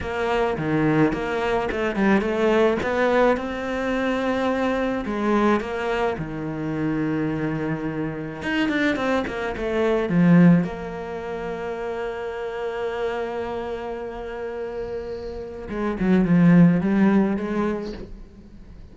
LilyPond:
\new Staff \with { instrumentName = "cello" } { \time 4/4 \tempo 4 = 107 ais4 dis4 ais4 a8 g8 | a4 b4 c'2~ | c'4 gis4 ais4 dis4~ | dis2. dis'8 d'8 |
c'8 ais8 a4 f4 ais4~ | ais1~ | ais1 | gis8 fis8 f4 g4 gis4 | }